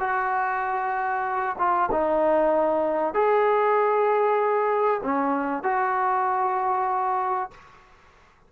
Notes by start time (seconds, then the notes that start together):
0.00 F#4
1.59 F4
1.92 D#4
3.14 G#4
5.03 C#4
5.63 F#4